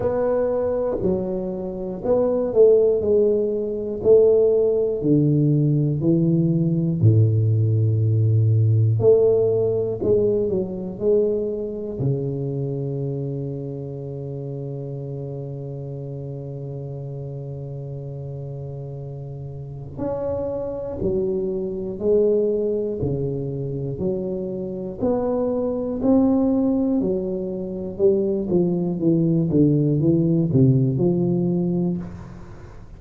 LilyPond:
\new Staff \with { instrumentName = "tuba" } { \time 4/4 \tempo 4 = 60 b4 fis4 b8 a8 gis4 | a4 d4 e4 a,4~ | a,4 a4 gis8 fis8 gis4 | cis1~ |
cis1 | cis'4 fis4 gis4 cis4 | fis4 b4 c'4 fis4 | g8 f8 e8 d8 e8 c8 f4 | }